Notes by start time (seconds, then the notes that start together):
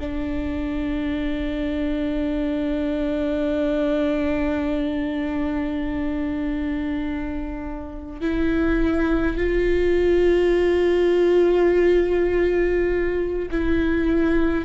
0.00 D4
8.21 E4
9.37 F4
13.51 E4